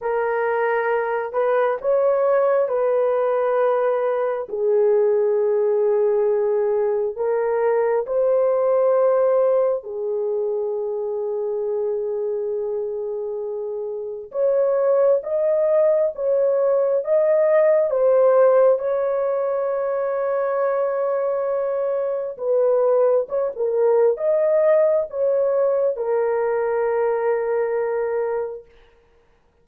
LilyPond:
\new Staff \with { instrumentName = "horn" } { \time 4/4 \tempo 4 = 67 ais'4. b'8 cis''4 b'4~ | b'4 gis'2. | ais'4 c''2 gis'4~ | gis'1 |
cis''4 dis''4 cis''4 dis''4 | c''4 cis''2.~ | cis''4 b'4 cis''16 ais'8. dis''4 | cis''4 ais'2. | }